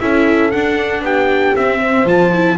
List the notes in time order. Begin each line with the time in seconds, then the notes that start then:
0.00 C#4 E4 A4 E5
0.51 D4 F#5
1.02 B3 G4 G5
1.56 C4 E5
1.79 C5
2.06 F3 F4 A5
2.34 E4